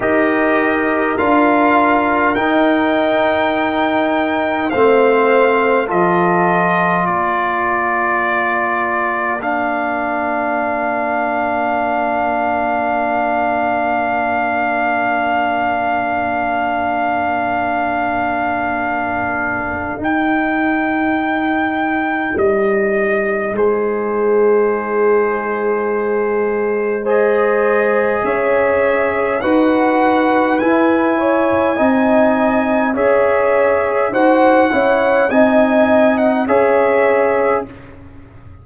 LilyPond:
<<
  \new Staff \with { instrumentName = "trumpet" } { \time 4/4 \tempo 4 = 51 dis''4 f''4 g''2 | f''4 dis''4 d''2 | f''1~ | f''1~ |
f''4 g''2 dis''4 | c''2. dis''4 | e''4 fis''4 gis''2 | e''4 fis''4 gis''8. fis''16 e''4 | }
  \new Staff \with { instrumentName = "horn" } { \time 4/4 ais'1 | c''4 a'4 ais'2~ | ais'1~ | ais'1~ |
ais'1 | gis'2. c''4 | cis''4 b'4. cis''8 dis''4 | cis''4 c''8 cis''8 dis''4 cis''4 | }
  \new Staff \with { instrumentName = "trombone" } { \time 4/4 g'4 f'4 dis'2 | c'4 f'2. | d'1~ | d'1~ |
d'4 dis'2.~ | dis'2. gis'4~ | gis'4 fis'4 e'4 dis'4 | gis'4 fis'8 e'8 dis'4 gis'4 | }
  \new Staff \with { instrumentName = "tuba" } { \time 4/4 dis'4 d'4 dis'2 | a4 f4 ais2~ | ais1~ | ais1~ |
ais4 dis'2 g4 | gis1 | cis'4 dis'4 e'4 c'4 | cis'4 dis'8 cis'8 c'4 cis'4 | }
>>